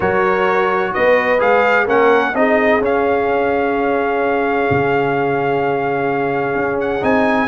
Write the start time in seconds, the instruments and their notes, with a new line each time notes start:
0.00 tuba F#3, trombone F#4, horn A#4, trumpet C#5
0.93 tuba B3, horn B4, trumpet D#5
1.38 tuba G#3, trombone G#4, trumpet F5
1.85 tuba A#3, trombone C#4, horn A#4, trumpet F#5
2.34 tuba C4, trombone D#4, horn G#4, trumpet D#5
2.80 tuba C#4, trombone C#4, trumpet F5
4.70 tuba C#3
6.55 tuba C#4
6.80 trumpet F#5
7.00 tuba C4, trombone D#4, trumpet G#5